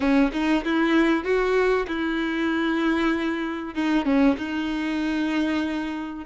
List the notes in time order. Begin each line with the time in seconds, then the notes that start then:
0.00 C#4
0.32 D#4
0.64 E4
1.24 F#4
1.87 E4
3.74 D#4
4.05 C#4
4.37 D#4